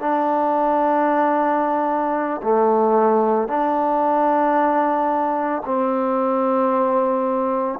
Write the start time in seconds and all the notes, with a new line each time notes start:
0.00 D4
2.43 A3
3.48 D4
5.65 C4